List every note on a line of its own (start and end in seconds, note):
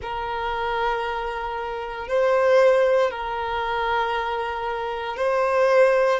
0.02 2.07 A#4
2.07 3.10 C5
3.10 5.17 A#4
5.17 6.20 C5